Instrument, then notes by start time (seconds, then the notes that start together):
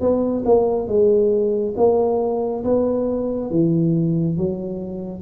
tuba
0.00 B3
0.45 A#3
0.87 G#3
1.76 A#3
2.64 B3
3.50 E3
4.37 F#3